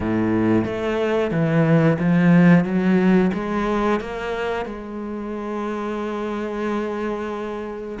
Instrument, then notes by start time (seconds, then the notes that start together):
cello
0.00 A2
0.65 A3
1.31 E3
1.99 F3
2.64 F#3
3.33 G#3
4.00 A#3
4.65 G#3